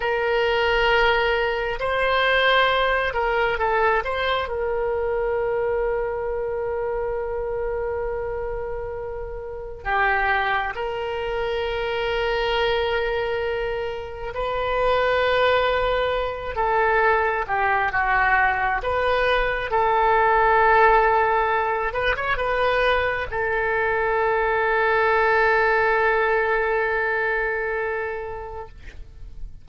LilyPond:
\new Staff \with { instrumentName = "oboe" } { \time 4/4 \tempo 4 = 67 ais'2 c''4. ais'8 | a'8 c''8 ais'2.~ | ais'2. g'4 | ais'1 |
b'2~ b'8 a'4 g'8 | fis'4 b'4 a'2~ | a'8 b'16 cis''16 b'4 a'2~ | a'1 | }